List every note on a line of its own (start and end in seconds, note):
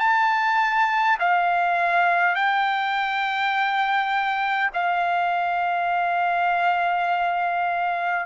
0.00 1.18 A5
1.20 2.35 F5
2.35 4.71 G5
4.74 8.26 F5